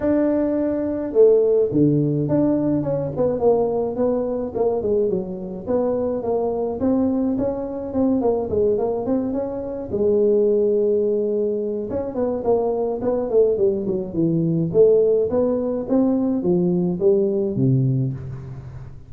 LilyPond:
\new Staff \with { instrumentName = "tuba" } { \time 4/4 \tempo 4 = 106 d'2 a4 d4 | d'4 cis'8 b8 ais4 b4 | ais8 gis8 fis4 b4 ais4 | c'4 cis'4 c'8 ais8 gis8 ais8 |
c'8 cis'4 gis2~ gis8~ | gis4 cis'8 b8 ais4 b8 a8 | g8 fis8 e4 a4 b4 | c'4 f4 g4 c4 | }